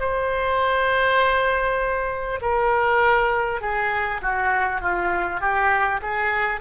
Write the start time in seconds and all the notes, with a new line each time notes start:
0.00 C5
2.42 A#4
3.61 G#4
4.22 F#4
4.81 F4
5.41 G4
6.02 G#4